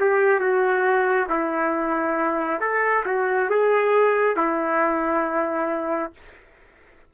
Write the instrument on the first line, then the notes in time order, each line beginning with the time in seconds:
trumpet
0.00 G4
0.40 F#4
1.30 E4
2.60 A4
3.06 F#4
3.50 G#4
4.36 E4